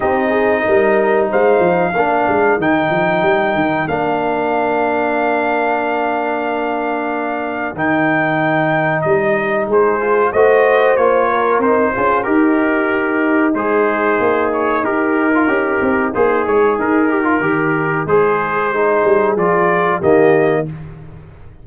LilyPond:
<<
  \new Staff \with { instrumentName = "trumpet" } { \time 4/4 \tempo 4 = 93 dis''2 f''2 | g''2 f''2~ | f''1 | g''2 dis''4 c''4 |
dis''4 cis''4 c''4 ais'4~ | ais'4 c''4. cis''8 ais'4~ | ais'4 c''8 cis''8 ais'2 | c''2 d''4 dis''4 | }
  \new Staff \with { instrumentName = "horn" } { \time 4/4 g'8 gis'8 ais'4 c''4 ais'4~ | ais'1~ | ais'1~ | ais'2. gis'4 |
c''4. ais'4 gis'8 dis'4~ | dis'1~ | dis'1~ | dis'4 gis'2 g'4 | }
  \new Staff \with { instrumentName = "trombone" } { \time 4/4 dis'2. d'4 | dis'2 d'2~ | d'1 | dis'2.~ dis'8 f'8 |
fis'4 f'4 dis'8 f'8 g'4~ | g'4 gis'2 g'8. f'16 | g'4 gis'4. g'16 f'16 g'4 | gis'4 dis'4 f'4 ais4 | }
  \new Staff \with { instrumentName = "tuba" } { \time 4/4 c'4 g4 gis8 f8 ais8 gis8 | dis8 f8 g8 dis8 ais2~ | ais1 | dis2 g4 gis4 |
a4 ais4 c'8 cis'8 dis'4~ | dis'4 gis4 ais4 dis'4 | cis'8 c'8 ais8 gis8 dis'4 dis4 | gis4. g8 f4 dis4 | }
>>